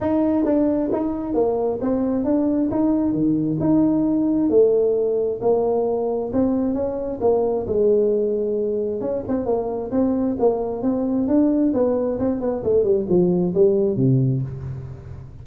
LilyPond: \new Staff \with { instrumentName = "tuba" } { \time 4/4 \tempo 4 = 133 dis'4 d'4 dis'4 ais4 | c'4 d'4 dis'4 dis4 | dis'2 a2 | ais2 c'4 cis'4 |
ais4 gis2. | cis'8 c'8 ais4 c'4 ais4 | c'4 d'4 b4 c'8 b8 | a8 g8 f4 g4 c4 | }